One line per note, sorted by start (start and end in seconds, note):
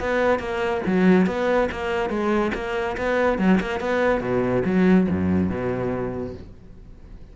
0.00 0.40 B3
0.40 0.82 A#3
0.87 1.27 F#3
1.27 1.69 B3
1.72 2.10 A#3
2.10 2.52 G#3
2.55 2.97 A#3
2.98 3.39 B3
3.39 3.60 F#3
3.61 3.80 A#3
3.80 4.21 B3
4.21 4.63 B2
4.65 5.08 F#3
5.10 5.50 F#2
5.50 6.35 B2